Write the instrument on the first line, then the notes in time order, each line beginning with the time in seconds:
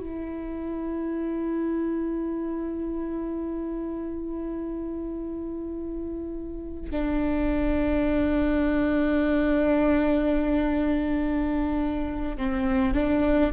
viola
0.00 E4
6.91 D4
12.37 C4
12.94 D4